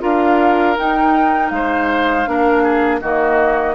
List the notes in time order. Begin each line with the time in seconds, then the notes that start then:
0.00 D4 F4 A#4 F5
0.76 D#4 G5
1.50 G#3 C5 F5
2.25 A#3 D4 A#4
2.62 G#4
3.00 D#3 A#3 F#4 D#5